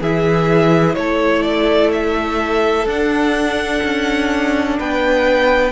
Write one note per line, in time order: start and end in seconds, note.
0.00 0.96 E3
0.00 2.87 E4
0.00 0.95 G#4
0.00 0.95 E5
0.95 2.86 A3
0.95 4.79 A4
0.95 1.42 C#5
1.42 1.90 D5
1.92 2.87 E5
2.86 3.81 D4
2.86 5.72 D4
2.86 4.79 F#5
3.83 4.79 C#4
4.79 5.72 B3
4.79 5.72 B4
4.79 5.72 G5